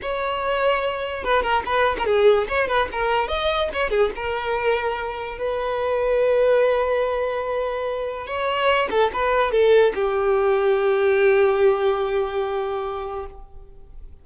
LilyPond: \new Staff \with { instrumentName = "violin" } { \time 4/4 \tempo 4 = 145 cis''2. b'8 ais'8 | b'8. ais'16 gis'4 cis''8 b'8 ais'4 | dis''4 cis''8 gis'8 ais'2~ | ais'4 b'2.~ |
b'1 | cis''4. a'8 b'4 a'4 | g'1~ | g'1 | }